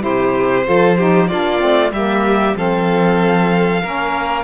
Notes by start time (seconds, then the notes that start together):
0.00 C3 E4 G4 C5
0.64 F3 F4 A4
0.97 D#4 G4
1.28 A#3 D4 F4 D5
1.58 A3 C4
1.91 G3 A#3 G4 E5
2.56 F3 C4 A4 F5
3.82 A#3 C#4 A#4